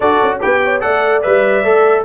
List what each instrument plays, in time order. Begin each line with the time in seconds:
0.00 tuba D4, trombone F#4, horn A4, trumpet D5
0.22 tuba C#4
0.40 tuba B3, trombone G4, horn B4, trumpet G5
0.64 horn C#5
0.80 tuba A3, trombone A4, horn D5, trumpet F#5
1.22 tuba G3, trombone B4, trumpet E5
1.63 tuba A3, trombone A4